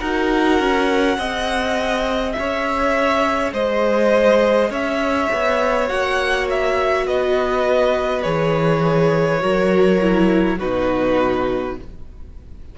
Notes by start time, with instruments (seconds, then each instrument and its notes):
0.00 cello D#4, viola F#4, violin A#4 F#5
0.60 cello C#4
1.18 cello C4, viola G#4, violin D#5
2.33 cello C#4, violin E5
2.39 violin C#5
3.53 cello G#3, violin C5 D#5
4.70 cello C#4, violin C#5 E5
5.33 cello B3
5.89 cello A#3, viola F#4, violin F#5
6.50 violin E5
7.07 cello B3, violin B4 D#5
8.23 cello E3, viola G#4, violin C#5
9.41 cello F#3, viola F#4, violin A#4
10.01 viola E4
10.58 cello B2, viola D#4, violin F#4 B4